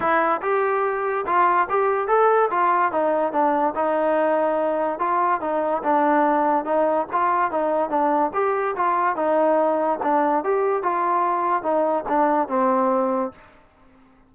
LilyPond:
\new Staff \with { instrumentName = "trombone" } { \time 4/4 \tempo 4 = 144 e'4 g'2 f'4 | g'4 a'4 f'4 dis'4 | d'4 dis'2. | f'4 dis'4 d'2 |
dis'4 f'4 dis'4 d'4 | g'4 f'4 dis'2 | d'4 g'4 f'2 | dis'4 d'4 c'2 | }